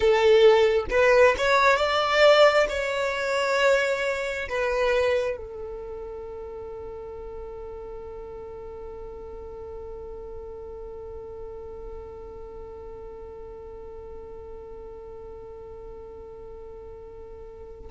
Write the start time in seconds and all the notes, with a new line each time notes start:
0.00 A4
0.90 B4
1.37 C#5
1.77 D5
2.69 C#5
4.48 B4
5.36 A4